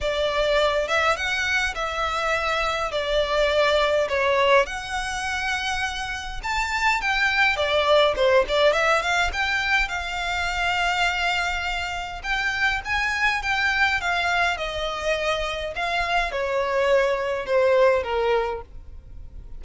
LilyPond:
\new Staff \with { instrumentName = "violin" } { \time 4/4 \tempo 4 = 103 d''4. e''8 fis''4 e''4~ | e''4 d''2 cis''4 | fis''2. a''4 | g''4 d''4 c''8 d''8 e''8 f''8 |
g''4 f''2.~ | f''4 g''4 gis''4 g''4 | f''4 dis''2 f''4 | cis''2 c''4 ais'4 | }